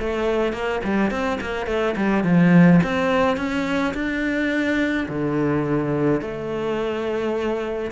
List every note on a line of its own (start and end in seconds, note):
0.00 0.53 A3
0.53 0.82 A#3
0.85 1.11 G3
1.11 1.40 C4
1.41 1.67 A#3
1.67 1.95 A3
1.97 2.24 G3
2.24 2.81 F3
2.84 3.37 C4
3.37 3.94 C#4
3.95 5.08 D4
5.09 6.22 D3
6.22 7.92 A3